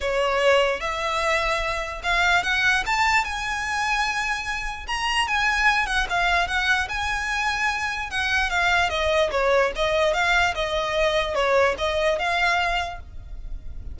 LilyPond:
\new Staff \with { instrumentName = "violin" } { \time 4/4 \tempo 4 = 148 cis''2 e''2~ | e''4 f''4 fis''4 a''4 | gis''1 | ais''4 gis''4. fis''8 f''4 |
fis''4 gis''2. | fis''4 f''4 dis''4 cis''4 | dis''4 f''4 dis''2 | cis''4 dis''4 f''2 | }